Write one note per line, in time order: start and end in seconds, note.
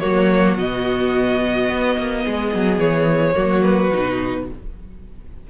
0.00 0.58 F#3
0.00 0.56 A#3
0.00 2.23 F#4
0.00 0.56 C#5
0.56 1.69 B2
0.56 3.34 B3
0.56 2.80 D#5
1.69 1.97 B3
1.98 2.25 A#3
2.25 2.55 G#3
2.25 3.36 G#4
2.55 2.79 F#3
2.79 3.34 E3
2.79 3.63 C#5
3.35 3.92 F#3
3.35 3.90 A#3
3.35 4.47 F#4
3.63 4.46 B4
3.94 4.50 B2
3.94 4.49 D#4